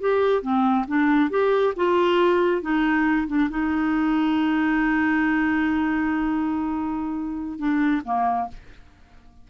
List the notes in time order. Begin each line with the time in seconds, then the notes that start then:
0.00 G4
0.42 C4
0.88 D4
1.30 G4
1.76 F4
2.62 D#4
3.27 D4
3.50 D#4
7.58 D4
8.05 A#3